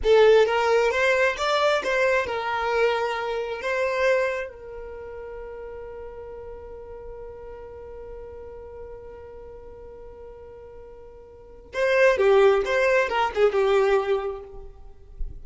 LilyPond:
\new Staff \with { instrumentName = "violin" } { \time 4/4 \tempo 4 = 133 a'4 ais'4 c''4 d''4 | c''4 ais'2. | c''2 ais'2~ | ais'1~ |
ais'1~ | ais'1~ | ais'2 c''4 g'4 | c''4 ais'8 gis'8 g'2 | }